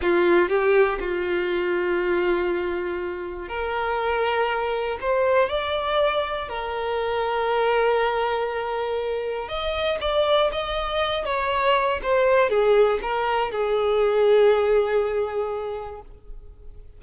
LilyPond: \new Staff \with { instrumentName = "violin" } { \time 4/4 \tempo 4 = 120 f'4 g'4 f'2~ | f'2. ais'4~ | ais'2 c''4 d''4~ | d''4 ais'2.~ |
ais'2. dis''4 | d''4 dis''4. cis''4. | c''4 gis'4 ais'4 gis'4~ | gis'1 | }